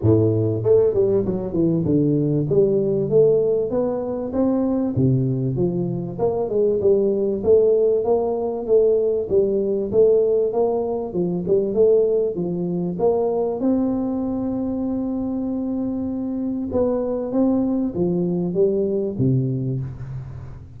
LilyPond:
\new Staff \with { instrumentName = "tuba" } { \time 4/4 \tempo 4 = 97 a,4 a8 g8 fis8 e8 d4 | g4 a4 b4 c'4 | c4 f4 ais8 gis8 g4 | a4 ais4 a4 g4 |
a4 ais4 f8 g8 a4 | f4 ais4 c'2~ | c'2. b4 | c'4 f4 g4 c4 | }